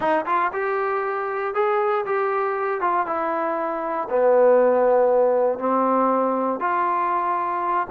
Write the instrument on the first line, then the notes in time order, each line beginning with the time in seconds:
trombone
0.00 D#4
0.26 F4
0.52 G4
1.54 G#4
2.05 G4
2.80 F4
3.06 E4
4.09 B3
5.59 C4
6.60 F4